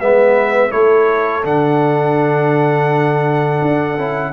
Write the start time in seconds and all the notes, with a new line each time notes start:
0.00 G#3 B3 B4 E5
0.71 A3 E4 A4 C#5
1.44 D3 D4 F#5
3.62 D4
3.98 C#4 E4